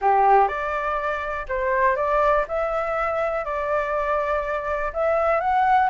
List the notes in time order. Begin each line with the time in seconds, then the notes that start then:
0.01 G4
0.47 D5
1.48 C5
1.96 D5
2.47 E5
3.44 D5
4.93 E5
5.40 F#5